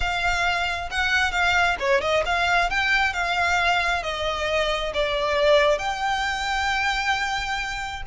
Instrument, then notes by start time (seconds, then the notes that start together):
violin
0.00 F5
0.90 F#5
1.31 F5
1.79 C#5
2.01 D#5
2.25 F5
2.69 G5
3.13 F5
4.03 D#5
4.94 D5
5.78 G5